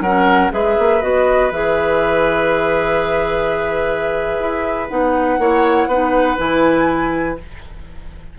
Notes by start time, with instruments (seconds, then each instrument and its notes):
0.00 bassoon F#3, clarinet C#4, oboe A#4, flute F#5
0.51 bassoon G#3, clarinet G#4, oboe B4, flute E5
0.78 bassoon A#3
1.01 bassoon B3, clarinet F#4, flute D#5
1.51 bassoon E3, clarinet G#4, flute E5
4.39 bassoon E4
4.88 bassoon B3, clarinet D#4, flute F#5
5.38 bassoon A#3, clarinet E4, oboe C#5
5.86 bassoon B3, clarinet D#4, oboe B4
6.37 bassoon E3, clarinet E4, flute G#5